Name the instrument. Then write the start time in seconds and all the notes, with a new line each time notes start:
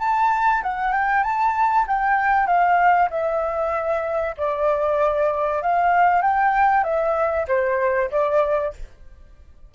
flute
0.00 A5
0.63 F#5
0.93 G5
1.24 A5
1.88 G5
2.47 F5
3.11 E5
4.38 D5
5.63 F5
6.22 G5
6.84 E5
7.48 C5
8.11 D5